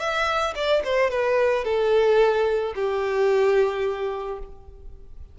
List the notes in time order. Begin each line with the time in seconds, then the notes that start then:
0.00 E5
0.56 D5
0.85 C5
1.11 B4
1.65 A4
2.76 G4